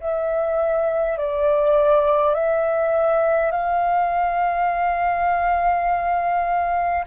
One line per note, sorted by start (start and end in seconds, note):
0.00 1.18 E5
1.18 2.34 D5
2.34 3.52 E5
3.52 7.05 F5